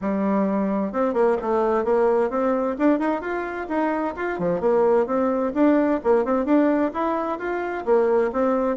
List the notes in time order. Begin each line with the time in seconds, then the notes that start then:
0.01 G3
0.92 C4
1.13 A#3
1.41 A3
1.84 A#3
2.30 C4
2.78 D4
2.99 D#4
3.21 F4
3.68 D#4
4.16 F4
4.38 F3
4.60 A#3
5.06 C4
5.54 D4
6.03 A#3
6.25 C4
6.45 D4
6.93 E4
7.38 F4
7.85 A#3
8.32 C4